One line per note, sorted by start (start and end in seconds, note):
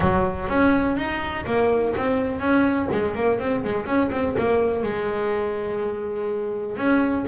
0.00 0.48 F#3
0.48 0.96 C#4
0.96 1.45 D#4
1.46 1.94 A#3
1.97 2.40 C4
2.40 2.88 C#4
2.91 3.15 G#3
3.15 3.39 A#3
3.39 3.63 C4
3.63 3.86 G#3
3.86 4.10 C#4
4.11 4.35 C4
4.38 4.83 A#3
4.83 6.76 G#3
6.76 7.25 C#4